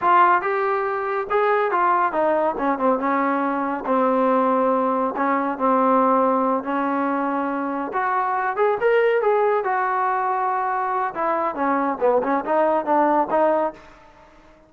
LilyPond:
\new Staff \with { instrumentName = "trombone" } { \time 4/4 \tempo 4 = 140 f'4 g'2 gis'4 | f'4 dis'4 cis'8 c'8 cis'4~ | cis'4 c'2. | cis'4 c'2~ c'8 cis'8~ |
cis'2~ cis'8 fis'4. | gis'8 ais'4 gis'4 fis'4.~ | fis'2 e'4 cis'4 | b8 cis'8 dis'4 d'4 dis'4 | }